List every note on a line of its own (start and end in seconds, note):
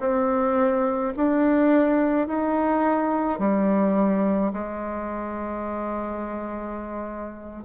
0.00 1.13 C4
1.16 2.27 D4
2.27 3.39 D#4
3.39 4.52 G3
4.53 7.64 G#3